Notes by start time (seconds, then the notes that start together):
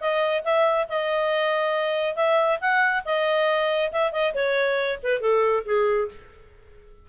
0.00 D#5
0.44 E5
0.88 D#5
2.15 E5
2.60 F#5
3.04 D#5
3.92 E5
4.12 D#5
4.34 C#5
5.03 B4
5.20 A4
5.65 G#4